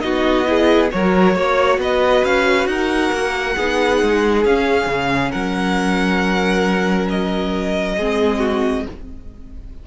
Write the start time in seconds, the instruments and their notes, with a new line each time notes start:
0.00 cello B3, viola D#4, violin F#4 D#5
0.45 viola E4, violin G#4
0.91 cello F#3, viola F#4, violin A#4 C#5
1.35 cello A#3, violin C#5
1.78 cello B3, violin B4 D#5
2.24 cello C#4, violin F5
2.66 cello D#4, violin A#4 F#5
3.12 cello A#3
3.56 cello B3, viola D#4, violin G#4
4.02 cello G#3
4.45 cello C#4, viola C#4, violin F5
4.86 cello C#3
5.31 cello F#3, violin A#4 F#5
7.10 violin D#5
7.97 cello G#3, viola C4, violin G#4
8.39 violin F#4